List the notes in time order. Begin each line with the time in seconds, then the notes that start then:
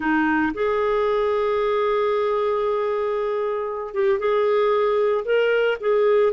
0.00 D#4
0.54 G#4
3.94 G4
4.19 G#4
5.25 A#4
5.80 G#4